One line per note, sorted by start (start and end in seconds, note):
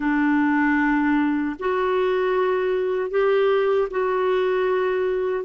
0.00 1.56 D4
1.59 3.10 F#4
3.10 3.88 G4
3.90 5.44 F#4